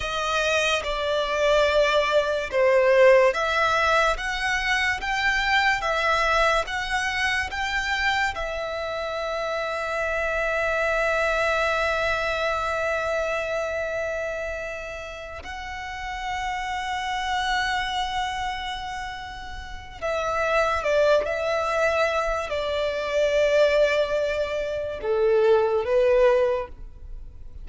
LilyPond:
\new Staff \with { instrumentName = "violin" } { \time 4/4 \tempo 4 = 72 dis''4 d''2 c''4 | e''4 fis''4 g''4 e''4 | fis''4 g''4 e''2~ | e''1~ |
e''2~ e''8 fis''4.~ | fis''1 | e''4 d''8 e''4. d''4~ | d''2 a'4 b'4 | }